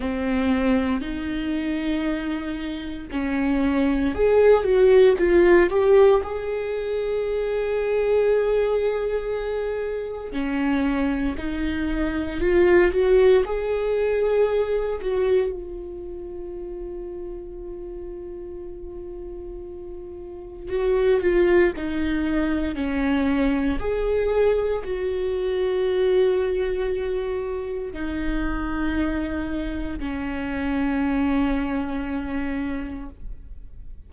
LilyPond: \new Staff \with { instrumentName = "viola" } { \time 4/4 \tempo 4 = 58 c'4 dis'2 cis'4 | gis'8 fis'8 f'8 g'8 gis'2~ | gis'2 cis'4 dis'4 | f'8 fis'8 gis'4. fis'8 f'4~ |
f'1 | fis'8 f'8 dis'4 cis'4 gis'4 | fis'2. dis'4~ | dis'4 cis'2. | }